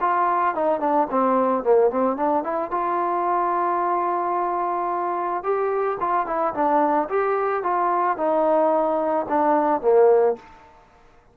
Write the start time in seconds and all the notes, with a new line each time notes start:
0.00 F4
0.55 D#4
0.80 D4
1.10 C4
1.63 A#3
1.90 C4
2.17 D4
2.43 E4
2.70 F4
5.43 G4
6.00 F4
6.26 E4
6.54 D4
7.09 G4
7.63 F4
8.17 D#4
9.29 D4
9.81 A#3